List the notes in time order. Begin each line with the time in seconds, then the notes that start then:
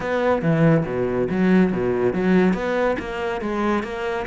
0.00 B3
0.41 E3
0.85 B2
1.30 F#3
1.72 B2
2.13 F#3
2.53 B3
2.99 A#3
3.41 G#3
3.83 A#3